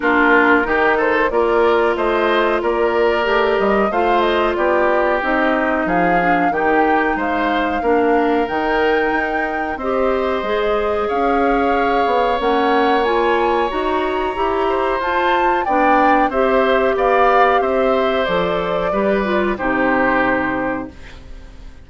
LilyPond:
<<
  \new Staff \with { instrumentName = "flute" } { \time 4/4 \tempo 4 = 92 ais'4. c''8 d''4 dis''4 | d''4. dis''8 f''8 dis''8 d''4 | dis''4 f''4 g''4 f''4~ | f''4 g''2 dis''4~ |
dis''4 f''2 fis''4 | gis''4 ais''2 a''4 | g''4 e''4 f''4 e''4 | d''2 c''2 | }
  \new Staff \with { instrumentName = "oboe" } { \time 4/4 f'4 g'8 a'8 ais'4 c''4 | ais'2 c''4 g'4~ | g'4 gis'4 g'4 c''4 | ais'2. c''4~ |
c''4 cis''2.~ | cis''2~ cis''8 c''4. | d''4 c''4 d''4 c''4~ | c''4 b'4 g'2 | }
  \new Staff \with { instrumentName = "clarinet" } { \time 4/4 d'4 dis'4 f'2~ | f'4 g'4 f'2 | dis'4. d'8 dis'2 | d'4 dis'2 g'4 |
gis'2. cis'4 | f'4 fis'4 g'4 f'4 | d'4 g'2. | a'4 g'8 f'8 dis'2 | }
  \new Staff \with { instrumentName = "bassoon" } { \time 4/4 ais4 dis4 ais4 a4 | ais4 a8 g8 a4 b4 | c'4 f4 dis4 gis4 | ais4 dis4 dis'4 c'4 |
gis4 cis'4. b8 ais4~ | ais4 dis'4 e'4 f'4 | b4 c'4 b4 c'4 | f4 g4 c2 | }
>>